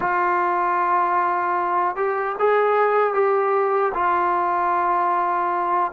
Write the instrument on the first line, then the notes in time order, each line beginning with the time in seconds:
trombone
0.00 F4
1.96 G4
2.39 G#4
3.13 G4
3.94 F4